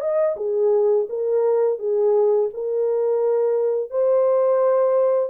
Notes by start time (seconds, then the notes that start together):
0.00 D#5
0.36 G#4
1.09 A#4
1.78 G#4
2.53 A#4
3.90 C5